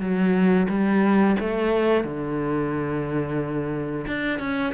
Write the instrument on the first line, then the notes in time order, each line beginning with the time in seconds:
cello
0.00 F#3
0.69 G3
1.40 A3
2.04 D3
4.07 D4
4.39 C#4